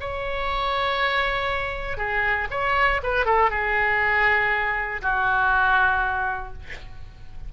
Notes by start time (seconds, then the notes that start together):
0.00 C#5
1.97 G#4
2.50 C#5
3.03 B4
3.25 A4
3.50 G#4
5.02 F#4